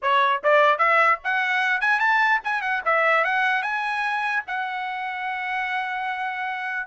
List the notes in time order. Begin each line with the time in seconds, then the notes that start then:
0.02 C#5
0.43 D5
0.78 E5
1.24 F#5
1.80 G#5
1.99 A5
2.44 G#5
2.61 F#5
2.85 E5
3.24 F#5
3.62 G#5
4.47 F#5